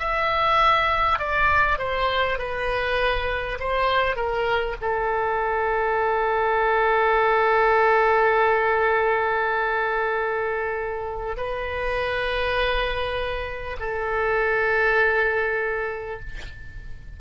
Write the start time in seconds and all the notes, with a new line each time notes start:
0.00 E5
1.19 D5
1.79 C5
2.39 B4
3.60 C5
4.16 A#4
4.82 A4
11.37 B4
13.80 A4